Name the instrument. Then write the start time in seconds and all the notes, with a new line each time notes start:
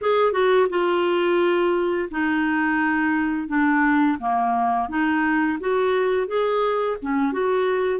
clarinet
0.01 G#4
0.32 F#4
0.69 F4
2.10 D#4
3.48 D4
4.19 A#3
4.88 D#4
5.60 F#4
6.27 G#4
7.01 C#4
7.32 F#4